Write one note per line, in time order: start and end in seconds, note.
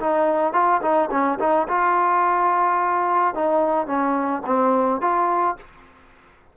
0.00 0.54 D#4
0.54 0.81 F4
0.82 1.10 D#4
1.11 1.39 C#4
1.40 1.68 D#4
1.68 3.35 F4
3.35 3.87 D#4
3.87 4.43 C#4
4.46 5.02 C4
5.02 5.57 F4